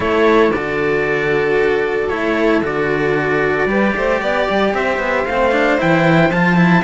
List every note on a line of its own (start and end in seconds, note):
0.00 0.50 A3
0.00 0.50 E4
0.00 3.68 A4
0.00 0.51 C#5
0.50 2.08 D3
0.50 2.09 F#4
0.50 2.08 D5
2.08 2.62 A3
2.08 2.62 E4
2.08 2.61 C#5
2.62 3.65 D3
2.62 3.68 F#4
2.62 4.74 D5
3.65 3.92 G3
3.65 5.26 G4
3.65 3.95 B4
3.96 4.21 A3
3.96 4.21 C5
4.21 4.48 B3
4.21 4.73 D5
4.49 4.73 G3
4.73 4.98 C4
4.73 6.83 C5
4.73 5.25 E5
4.98 5.24 B3
5.25 5.78 A3
5.25 5.51 C4
5.25 5.78 F5
5.51 5.77 D4
5.78 6.30 E3
5.78 6.30 E4
5.78 6.31 G5
6.30 6.83 F3
6.30 6.56 F4
6.30 6.83 A5
6.56 6.82 E4